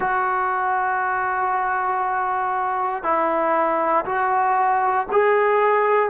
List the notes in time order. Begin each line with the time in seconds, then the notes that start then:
0.00 F#4
3.03 E4
4.04 F#4
5.11 G#4